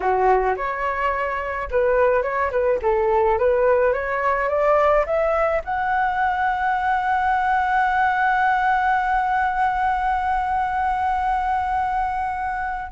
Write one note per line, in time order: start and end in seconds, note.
0.00 0.55 F#4
0.56 1.68 C#5
1.71 2.22 B4
2.22 2.50 C#5
2.51 2.79 B4
2.82 3.38 A4
3.38 3.93 B4
3.93 4.49 C#5
4.49 5.05 D5
5.05 5.62 E5
5.64 12.91 F#5